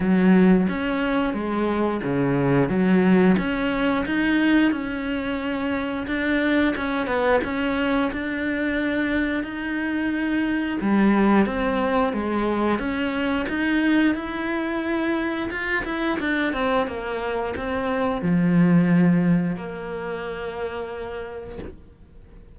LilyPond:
\new Staff \with { instrumentName = "cello" } { \time 4/4 \tempo 4 = 89 fis4 cis'4 gis4 cis4 | fis4 cis'4 dis'4 cis'4~ | cis'4 d'4 cis'8 b8 cis'4 | d'2 dis'2 |
g4 c'4 gis4 cis'4 | dis'4 e'2 f'8 e'8 | d'8 c'8 ais4 c'4 f4~ | f4 ais2. | }